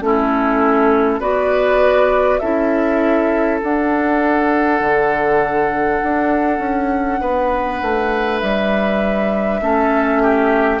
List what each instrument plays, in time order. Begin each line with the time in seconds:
0.00 bassoon A3, clarinet C#4, oboe E4, flute A4
1.20 bassoon B3, clarinet F#4, oboe B4, flute D5
2.39 bassoon C#4, clarinet E4, oboe A4, flute E5
3.60 clarinet D4, bassoon D4, flute F#5
4.80 bassoon D3
6.03 bassoon D4
6.58 bassoon C#4
7.20 bassoon B3, oboe B4
7.81 bassoon A3
8.39 bassoon G3, flute E5
9.61 bassoon A3, clarinet C#4, oboe A4
10.22 oboe G4